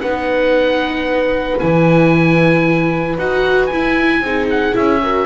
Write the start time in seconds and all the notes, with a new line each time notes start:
0.00 B3 D#4 B4 F#5
1.59 E3 E4 G#5
3.17 D#4 F#4 F#5
3.66 E4 G#5
4.20 C4 D#4 G#4
4.49 F#5
4.72 C#4 E4 E5
5.02 F#4 A#4